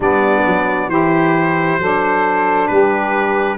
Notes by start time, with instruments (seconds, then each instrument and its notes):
0.00 tuba G3, saxophone B3 D4, trumpet D5
0.46 tuba F#3
0.87 tuba E3, saxophone E4 G4, trumpet C5
1.78 tuba F#3, saxophone D4 A4
2.67 tuba G3, saxophone G4, trumpet B4